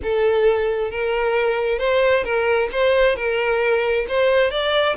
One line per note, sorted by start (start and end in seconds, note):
0.02 0.90 A4
0.90 1.78 A#4
1.78 2.23 C5
2.23 2.68 A#4
2.72 3.16 C5
3.16 4.06 A#4
4.08 4.50 C5
4.50 4.95 D5